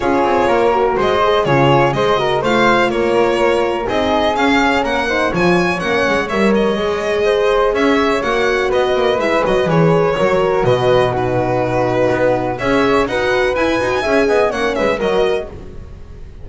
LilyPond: <<
  \new Staff \with { instrumentName = "violin" } { \time 4/4 \tempo 4 = 124 cis''2 dis''4 cis''4 | dis''4 f''4 cis''2 | dis''4 f''4 fis''4 gis''4 | fis''4 e''8 dis''2~ dis''8 |
e''4 fis''4 dis''4 e''8 dis''8 | cis''2 dis''4 b'4~ | b'2 e''4 fis''4 | gis''2 fis''8 e''8 dis''4 | }
  \new Staff \with { instrumentName = "flute" } { \time 4/4 gis'4 ais'4 c''4 gis'4 | c''8 ais'8 c''4 ais'2 | gis'2 ais'8 c''8 cis''4~ | cis''2. c''4 |
cis''2 b'2~ | b'4 ais'4 b'4 fis'4~ | fis'2 cis''4 b'4~ | b'4 e''8 dis''8 cis''8 b'8 ais'4 | }
  \new Staff \with { instrumentName = "horn" } { \time 4/4 f'4. fis'4 gis'8 f'4 | gis'8 fis'8 f'2. | dis'4 cis'4. dis'8 f'4 | cis'4 ais'4 gis'2~ |
gis'4 fis'2 e'8 fis'8 | gis'4 fis'2 dis'4~ | dis'2 gis'4 fis'4 | e'8 fis'8 gis'4 cis'4 fis'4 | }
  \new Staff \with { instrumentName = "double bass" } { \time 4/4 cis'8 c'8 ais4 gis4 cis4 | gis4 a4 ais2 | c'4 cis'4 ais4 f4 | ais8 gis8 g4 gis2 |
cis'4 ais4 b8 ais8 gis8 fis8 | e4 fis4 b,2~ | b,4 b4 cis'4 dis'4 | e'8 dis'8 cis'8 b8 ais8 gis8 fis4 | }
>>